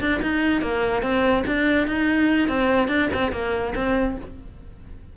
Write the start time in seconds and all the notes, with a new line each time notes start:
0.00 D4
0.22 D#4
0.62 A#3
1.02 C4
1.47 D4
1.87 D#4
2.48 C4
2.88 D4
3.14 C4
3.32 A#3
3.75 C4